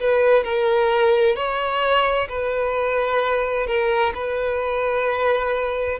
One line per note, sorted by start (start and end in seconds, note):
0.00 0.44 B4
0.44 1.36 A#4
1.36 2.28 C#5
2.29 3.67 B4
3.67 4.13 A#4
4.15 5.99 B4